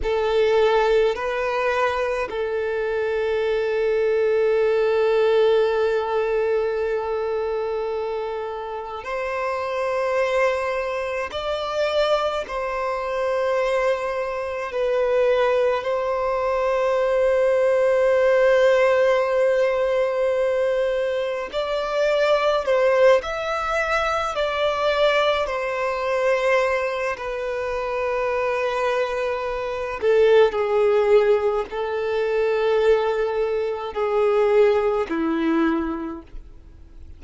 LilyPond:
\new Staff \with { instrumentName = "violin" } { \time 4/4 \tempo 4 = 53 a'4 b'4 a'2~ | a'1 | c''2 d''4 c''4~ | c''4 b'4 c''2~ |
c''2. d''4 | c''8 e''4 d''4 c''4. | b'2~ b'8 a'8 gis'4 | a'2 gis'4 e'4 | }